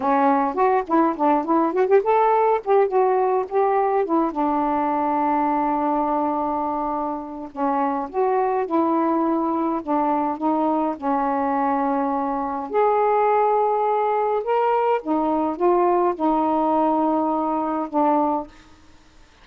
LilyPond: \new Staff \with { instrumentName = "saxophone" } { \time 4/4 \tempo 4 = 104 cis'4 fis'8 e'8 d'8 e'8 fis'16 g'16 a'8~ | a'8 g'8 fis'4 g'4 e'8 d'8~ | d'1~ | d'4 cis'4 fis'4 e'4~ |
e'4 d'4 dis'4 cis'4~ | cis'2 gis'2~ | gis'4 ais'4 dis'4 f'4 | dis'2. d'4 | }